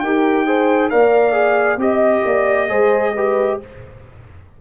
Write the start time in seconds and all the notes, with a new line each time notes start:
0.00 D#4 G4 A#4 G5
0.46 G#4 C5
0.90 A#3 A#4 D5 F5
1.32 G#4
1.77 C4 G4 D#5
2.25 A#3 D5
2.68 G#3 G#4 C5
3.15 G4 B4